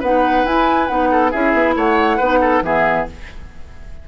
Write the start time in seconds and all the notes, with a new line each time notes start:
0.00 B3 D#4 B4 F#5
0.45 E4 G#5
0.88 B3 D#4 F#5
1.12 A4
1.31 C#4 E4 G#4 E5
1.54 B3
1.76 A3 C#5 F#5
2.17 B3 D#4 B4
2.41 A4
2.62 E3 B3 G#4 E5